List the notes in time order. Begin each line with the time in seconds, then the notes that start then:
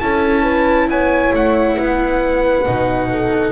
0.00 C#4 E4 A4 A5
0.43 B4
0.88 B3 C#5 G#5
1.34 A3 F#5
1.78 B3 B4
2.66 B2 D#4
3.10 A4